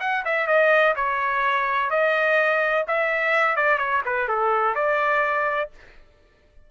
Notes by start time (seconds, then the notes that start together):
0.00 F#5
0.25 E5
0.47 D#5
0.95 C#5
1.90 D#5
2.87 E5
3.56 D5
3.78 C#5
4.05 B4
4.28 A4
4.75 D5